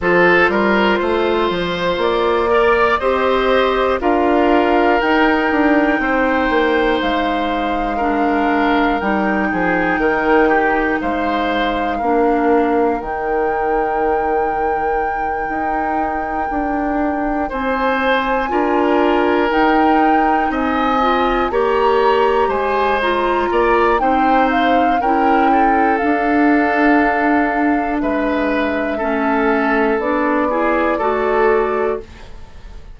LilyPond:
<<
  \new Staff \with { instrumentName = "flute" } { \time 4/4 \tempo 4 = 60 c''2 d''4 dis''4 | f''4 g''2 f''4~ | f''4 g''2 f''4~ | f''4 g''2.~ |
g''4. gis''2 g''8~ | g''8 gis''4 ais''4 gis''8 ais''4 | g''8 f''8 g''4 f''2 | e''2 d''2 | }
  \new Staff \with { instrumentName = "oboe" } { \time 4/4 a'8 ais'8 c''4. d''8 c''4 | ais'2 c''2 | ais'4. gis'8 ais'8 g'8 c''4 | ais'1~ |
ais'4. c''4 ais'4.~ | ais'8 dis''4 cis''4 c''4 d''8 | c''4 ais'8 a'2~ a'8 | b'4 a'4. gis'8 a'4 | }
  \new Staff \with { instrumentName = "clarinet" } { \time 4/4 f'2~ f'8 ais'8 g'4 | f'4 dis'2. | d'4 dis'2. | d'4 dis'2.~ |
dis'2~ dis'8 f'4 dis'8~ | dis'4 f'8 g'4. f'4 | dis'4 e'4 d'2~ | d'4 cis'4 d'8 e'8 fis'4 | }
  \new Staff \with { instrumentName = "bassoon" } { \time 4/4 f8 g8 a8 f8 ais4 c'4 | d'4 dis'8 d'8 c'8 ais8 gis4~ | gis4 g8 f8 dis4 gis4 | ais4 dis2~ dis8 dis'8~ |
dis'8 d'4 c'4 d'4 dis'8~ | dis'8 c'4 ais4 gis4 ais8 | c'4 cis'4 d'2 | gis4 a4 b4 a4 | }
>>